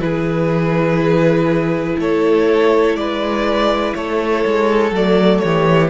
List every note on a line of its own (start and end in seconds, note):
0.00 1.97 E3
0.00 4.93 E4
0.00 2.00 G#4
0.00 1.98 B4
1.99 2.95 A3
1.99 2.98 A4
1.99 2.96 C#5
2.95 3.94 G#3
2.95 3.97 B4
2.95 3.94 D5
3.95 4.45 A3
3.95 5.44 A4
3.95 4.93 C#5
4.46 4.92 G#3
4.92 5.41 F#3
4.92 5.90 A3
4.92 5.39 D5
5.39 5.90 E3
5.39 5.90 G4
5.39 5.89 C#5